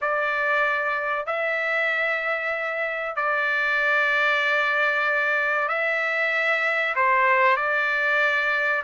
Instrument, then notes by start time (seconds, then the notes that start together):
trumpet
0.01 D5
1.26 E5
3.16 D5
5.68 E5
6.95 C5
7.56 D5